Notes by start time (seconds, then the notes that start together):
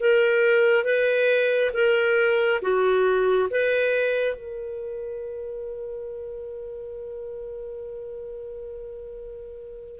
0.00 A#4
0.84 B4
1.74 A#4
2.62 F#4
3.50 B4
4.36 A#4